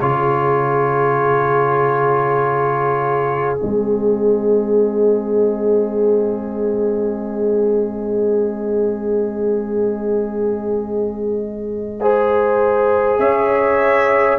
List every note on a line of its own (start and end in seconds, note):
0.00 3.61 C#3
0.00 3.57 F4
0.00 12.00 G#4
0.00 3.59 C#5
3.57 13.18 G#3
3.57 11.97 C4
3.57 13.19 D#5
12.00 14.38 G#4
12.00 13.20 C5
13.18 14.38 C#4
13.18 14.38 C#5
13.18 14.38 E5